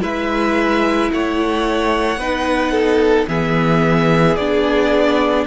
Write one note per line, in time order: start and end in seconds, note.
0.00 1.10 G#3
0.00 2.18 E4
0.00 1.11 B4
0.00 1.11 E5
1.12 2.16 A3
1.12 2.19 C#5
1.12 3.28 F#5
2.16 3.25 B3
2.16 3.28 D#4
2.16 2.71 B4
2.71 3.26 A4
3.27 4.37 E3
3.27 4.37 B3
3.27 5.46 G#4
3.27 4.36 E5
4.36 5.46 B3
4.36 5.47 D4
4.36 5.45 D5